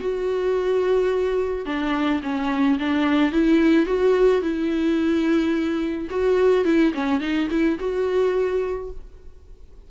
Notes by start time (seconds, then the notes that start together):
0.00 F#4
1.66 D4
2.23 C#4
2.80 D4
3.32 E4
3.86 F#4
4.42 E4
6.10 F#4
6.65 E4
6.94 C#4
7.20 D#4
7.51 E4
7.80 F#4